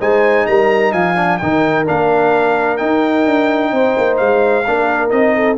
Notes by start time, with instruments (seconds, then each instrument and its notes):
0.00 tuba G#3, trombone D#4, horn C5, trumpet G#5
0.47 tuba G3, horn A#4, trumpet A#5
0.93 tuba F3, horn F5, trumpet G#5
1.16 trombone D4
1.38 tuba D#3, trombone D#4, horn A#4, trumpet G5
1.86 tuba A#3, trombone D4, trumpet F5
2.77 trombone D#4, tuba D#4, trumpet G5
3.26 tuba D4
3.72 tuba C4, horn C5
3.98 tuba A#3
4.17 tuba G#3, trumpet F5
4.67 tuba A#3, trombone D4, horn A#4
5.09 tuba C4, trombone D#4, trumpet D#5
5.36 horn A4